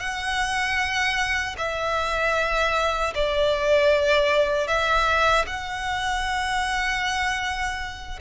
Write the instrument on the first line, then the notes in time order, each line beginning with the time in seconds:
violin
0.00 F#5
1.58 E5
3.15 D5
4.68 E5
5.47 F#5